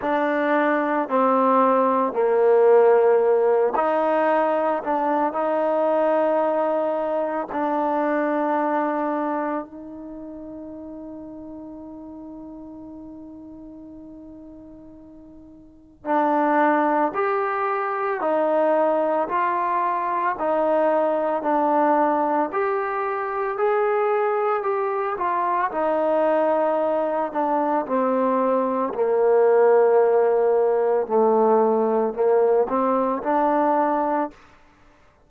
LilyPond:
\new Staff \with { instrumentName = "trombone" } { \time 4/4 \tempo 4 = 56 d'4 c'4 ais4. dis'8~ | dis'8 d'8 dis'2 d'4~ | d'4 dis'2.~ | dis'2. d'4 |
g'4 dis'4 f'4 dis'4 | d'4 g'4 gis'4 g'8 f'8 | dis'4. d'8 c'4 ais4~ | ais4 a4 ais8 c'8 d'4 | }